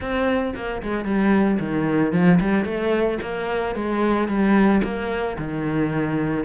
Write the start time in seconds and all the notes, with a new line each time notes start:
0.00 C4
0.55 A#3
0.82 G#3
1.04 G3
1.59 D#3
2.12 F3
2.40 G3
2.64 A3
3.22 A#3
3.75 G#3
4.28 G3
4.83 A#3
5.38 D#3